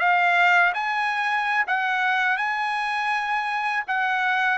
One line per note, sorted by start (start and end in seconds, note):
0.00 0.73 F5
0.74 1.66 G#5
1.68 2.38 F#5
2.38 3.84 G#5
3.88 4.59 F#5